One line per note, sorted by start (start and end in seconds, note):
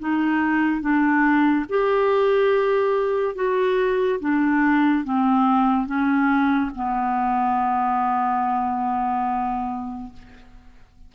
0.00 0.81 D#4
0.81 1.66 D4
1.70 3.36 G4
3.36 4.20 F#4
4.21 5.05 D4
5.05 5.87 C4
5.87 6.71 C#4
6.75 10.13 B3